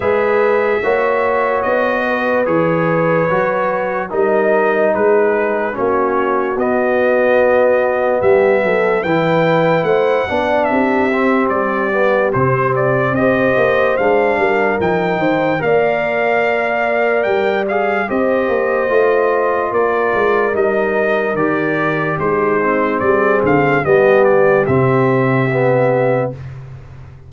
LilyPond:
<<
  \new Staff \with { instrumentName = "trumpet" } { \time 4/4 \tempo 4 = 73 e''2 dis''4 cis''4~ | cis''4 dis''4 b'4 cis''4 | dis''2 e''4 g''4 | fis''4 e''4 d''4 c''8 d''8 |
dis''4 f''4 g''4 f''4~ | f''4 g''8 f''8 dis''2 | d''4 dis''4 d''4 c''4 | d''8 f''8 dis''8 d''8 e''2 | }
  \new Staff \with { instrumentName = "horn" } { \time 4/4 b'4 cis''4. b'4.~ | b'4 ais'4 gis'4 fis'4~ | fis'2 g'8 a'8 b'4 | c''8 d''8 g'2. |
c''4. ais'4 c''8 d''4~ | d''2 c''2 | ais'2. dis'4 | gis'4 g'2. | }
  \new Staff \with { instrumentName = "trombone" } { \time 4/4 gis'4 fis'2 gis'4 | fis'4 dis'2 cis'4 | b2. e'4~ | e'8 d'4 c'4 b8 c'4 |
g'4 d'4 dis'4 ais'4~ | ais'4. gis'8 g'4 f'4~ | f'4 dis'4 g'4. c'8~ | c'4 b4 c'4 b4 | }
  \new Staff \with { instrumentName = "tuba" } { \time 4/4 gis4 ais4 b4 e4 | fis4 g4 gis4 ais4 | b2 g8 fis8 e4 | a8 b8 c'4 g4 c4 |
c'8 ais8 gis8 g8 f8 dis8 ais4~ | ais4 g4 c'8 ais8 a4 | ais8 gis8 g4 dis4 gis4 | g8 d8 g4 c2 | }
>>